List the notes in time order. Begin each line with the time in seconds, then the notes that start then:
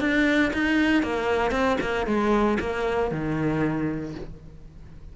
0.00 D4
0.53 D#4
1.03 A#3
1.51 C4
1.81 A#3
2.06 G#3
2.60 A#3
3.11 D#3